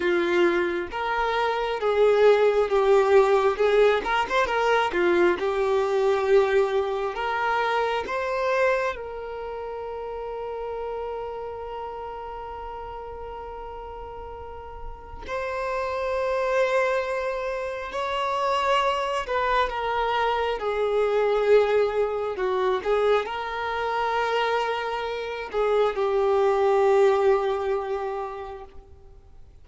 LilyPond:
\new Staff \with { instrumentName = "violin" } { \time 4/4 \tempo 4 = 67 f'4 ais'4 gis'4 g'4 | gis'8 ais'16 c''16 ais'8 f'8 g'2 | ais'4 c''4 ais'2~ | ais'1~ |
ais'4 c''2. | cis''4. b'8 ais'4 gis'4~ | gis'4 fis'8 gis'8 ais'2~ | ais'8 gis'8 g'2. | }